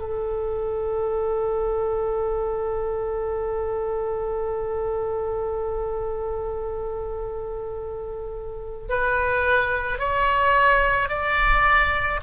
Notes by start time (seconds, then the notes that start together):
0.00 A4
8.89 B4
9.99 C#5
11.09 D5